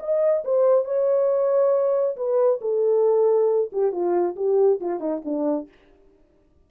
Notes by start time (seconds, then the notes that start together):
0.00 D#5
0.45 C5
0.85 C#5
2.17 B4
2.62 A4
3.73 G4
3.92 F4
4.36 G4
4.81 F4
5.00 D#4
5.25 D4